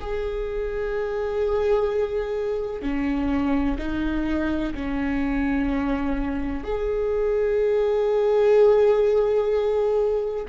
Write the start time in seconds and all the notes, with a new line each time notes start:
0.00 G#4
2.81 C#4
3.78 D#4
4.74 C#4
6.64 G#4